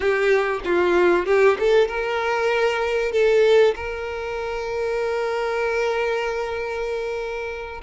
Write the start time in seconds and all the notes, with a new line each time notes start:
0.00 G4
0.64 F4
1.26 G4
1.59 A4
1.88 A#4
3.11 A4
3.75 A#4